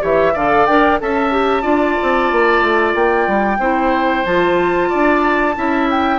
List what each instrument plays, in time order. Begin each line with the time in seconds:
0.00 bassoon E3, clarinet G4, oboe C#5, flute E5
0.33 bassoon D3, clarinet A4, oboe D5, flute F5
0.66 bassoon D4, clarinet A#4, flute G5
1.00 bassoon C#4, clarinet A4, oboe E5, flute A5
1.32 clarinet G4
1.62 bassoon D4, clarinet F4, oboe D5
2.02 bassoon C4
2.32 bassoon A#3
2.61 bassoon A3
2.95 bassoon A#3, flute G5
3.27 bassoon G3
3.59 bassoon C4, clarinet E4, oboe C5
4.25 bassoon F3, clarinet F4, flute A5
4.89 bassoon D4, oboe D5
5.55 bassoon C#4, clarinet E4, oboe E5
5.90 flute G5